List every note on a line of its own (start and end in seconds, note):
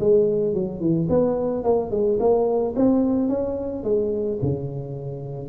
0.00 0.54 G#3
0.54 0.80 F#3
0.80 1.08 E3
1.09 1.64 B3
1.64 1.91 A#3
1.91 2.18 G#3
2.20 2.75 A#3
2.76 3.29 C4
3.29 3.84 C#4
3.84 4.39 G#3
4.42 5.49 C#3